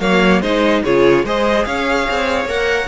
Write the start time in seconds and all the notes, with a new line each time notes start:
0.00 F#3 A#3 C#5 F5
0.41 G#3 D#4 C5 D#5
0.83 C#3 F4 G#4 C#5
1.23 G#3 G#4 C5 D#5
1.64 C#4 C#5 F5
2.10 C4
2.45 A#3 A#4 F#5